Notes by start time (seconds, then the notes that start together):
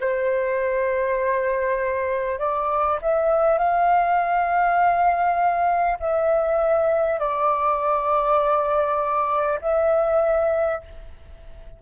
0.00 C5
2.39 D5
3.02 E5
3.58 F5
6.00 E5
7.19 D5
9.62 E5